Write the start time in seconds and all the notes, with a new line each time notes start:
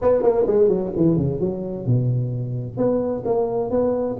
0.01 B3
0.22 A#3
0.46 G#3
0.68 F#3
0.96 E3
1.16 C#3
1.40 F#3
1.86 B2
2.77 B3
3.25 A#3
3.70 B3